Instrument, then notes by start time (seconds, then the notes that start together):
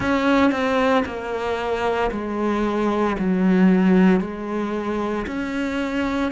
cello
0.00 C#4
0.51 C4
1.05 A#3
2.11 G#3
3.19 F#3
4.20 G#3
5.26 C#4